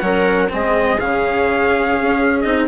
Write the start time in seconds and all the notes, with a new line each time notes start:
0.00 F#3 C#4 A#4 F#5
0.49 G#3 C4 G#4 D#5
1.00 C#3 C#4 F5
2.01 C#4
2.41 C4 D#4 D#5